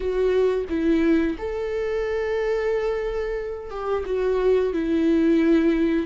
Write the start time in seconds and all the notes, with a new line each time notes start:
0.00 F#4
0.69 E4
1.38 A4
3.70 G4
4.05 F#4
4.73 E4